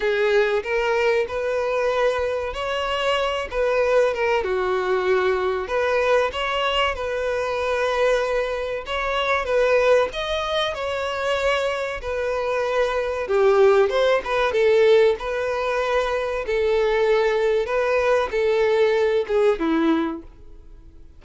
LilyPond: \new Staff \with { instrumentName = "violin" } { \time 4/4 \tempo 4 = 95 gis'4 ais'4 b'2 | cis''4. b'4 ais'8 fis'4~ | fis'4 b'4 cis''4 b'4~ | b'2 cis''4 b'4 |
dis''4 cis''2 b'4~ | b'4 g'4 c''8 b'8 a'4 | b'2 a'2 | b'4 a'4. gis'8 e'4 | }